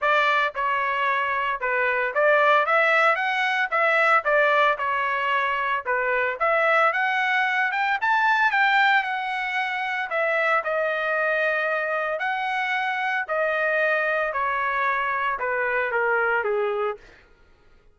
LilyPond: \new Staff \with { instrumentName = "trumpet" } { \time 4/4 \tempo 4 = 113 d''4 cis''2 b'4 | d''4 e''4 fis''4 e''4 | d''4 cis''2 b'4 | e''4 fis''4. g''8 a''4 |
g''4 fis''2 e''4 | dis''2. fis''4~ | fis''4 dis''2 cis''4~ | cis''4 b'4 ais'4 gis'4 | }